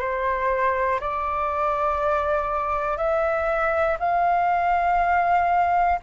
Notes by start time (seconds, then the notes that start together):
0.00 C5
1.00 D5
2.97 E5
4.00 F5